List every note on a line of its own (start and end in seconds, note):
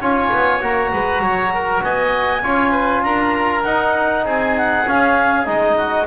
0.00 0.30 C#4
0.00 0.60 F4
0.00 0.91 C#5
0.00 0.62 G#5
0.32 0.61 B3
0.60 0.92 A#3
0.60 2.42 F#4
0.60 1.84 A#5
0.93 1.21 G#3
0.93 1.23 B4
1.21 1.81 F#3
1.21 1.53 C#5
1.54 1.84 A#4
1.82 2.43 B3
1.82 2.42 D#5
1.82 3.03 G#5
2.42 3.03 C#4
2.42 3.64 F4
2.42 2.71 C#5
2.71 3.02 B4
3.03 3.64 D4
3.03 4.24 A#4
3.03 3.64 A#5
3.64 4.25 D#4
3.64 4.86 D#4
3.64 4.24 F#5
4.24 4.85 C4
4.24 5.76 G#4
4.24 4.58 G#5
4.58 4.88 F#5
4.86 5.45 C#4
4.86 5.46 C#4
4.86 5.45 F5
5.45 6.07 G#3
5.45 6.06 D#4
5.45 6.06 D#5
5.77 6.07 F#4